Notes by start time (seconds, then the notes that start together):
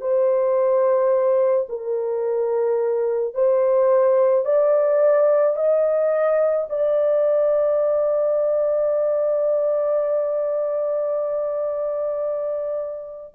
0.00 C5
1.69 A#4
3.34 C5
4.45 D5
5.56 D#5
6.69 D5